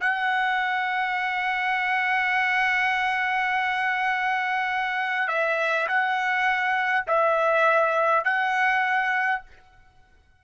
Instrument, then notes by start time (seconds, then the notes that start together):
trumpet
0.00 F#5
5.28 E5
5.87 F#5
7.07 E5
8.24 F#5